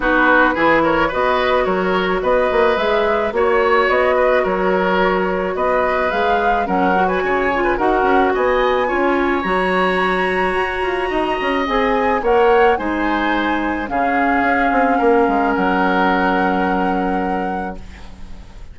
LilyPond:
<<
  \new Staff \with { instrumentName = "flute" } { \time 4/4 \tempo 4 = 108 b'4. cis''8 dis''4 cis''4 | dis''4 e''4 cis''4 dis''4 | cis''2 dis''4 f''4 | fis''8. gis''4~ gis''16 fis''4 gis''4~ |
gis''4 ais''2.~ | ais''4 gis''4 fis''4 gis''4~ | gis''4 f''2. | fis''1 | }
  \new Staff \with { instrumentName = "oboe" } { \time 4/4 fis'4 gis'8 ais'8 b'4 ais'4 | b'2 cis''4. b'8 | ais'2 b'2 | ais'8. b'16 cis''8. b'16 ais'4 dis''4 |
cis''1 | dis''2 cis''4 c''4~ | c''4 gis'2 ais'4~ | ais'1 | }
  \new Staff \with { instrumentName = "clarinet" } { \time 4/4 dis'4 e'4 fis'2~ | fis'4 gis'4 fis'2~ | fis'2. gis'4 | cis'8 fis'4 f'8 fis'2 |
f'4 fis'2.~ | fis'4 gis'4 ais'4 dis'4~ | dis'4 cis'2.~ | cis'1 | }
  \new Staff \with { instrumentName = "bassoon" } { \time 4/4 b4 e4 b4 fis4 | b8 ais8 gis4 ais4 b4 | fis2 b4 gis4 | fis4 cis4 dis'8 cis'8 b4 |
cis'4 fis2 fis'8 f'8 | dis'8 cis'8 c'4 ais4 gis4~ | gis4 cis4 cis'8 c'8 ais8 gis8 | fis1 | }
>>